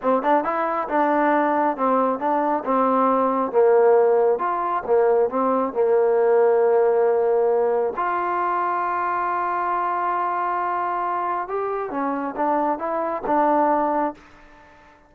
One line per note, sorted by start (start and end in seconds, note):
0.02 0.22 C4
0.22 0.44 D4
0.44 0.88 E4
0.88 1.76 D4
1.76 2.19 C4
2.19 2.63 D4
2.64 3.51 C4
3.51 4.39 A#3
4.39 4.83 F4
4.86 5.29 A#3
5.29 5.73 C4
5.73 7.93 A#3
7.96 11.47 F4
11.47 11.90 G4
11.90 12.34 C#4
12.36 12.78 D4
12.78 13.22 E4
13.26 14.14 D4